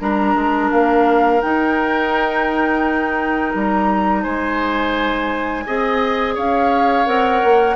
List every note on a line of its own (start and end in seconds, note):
0.00 0.35 G3
0.00 1.42 D4
0.00 4.23 A#4
0.00 0.71 A#5
0.35 0.70 G#3
0.71 1.43 A#3
0.71 1.41 F5
1.41 5.65 D#4
1.41 3.55 D#4
1.41 3.53 G5
3.54 4.25 G3
3.54 4.24 A#5
4.23 5.67 G#3
4.23 5.64 C5
4.23 6.35 G#5
5.67 6.37 C4
5.67 7.06 G#4
5.67 6.35 D#5
6.35 7.07 C#4
6.35 7.76 C#5
6.35 7.06 F5
7.06 7.43 C4
7.06 7.76 A#4
7.06 7.76 F#5
7.44 7.76 A#3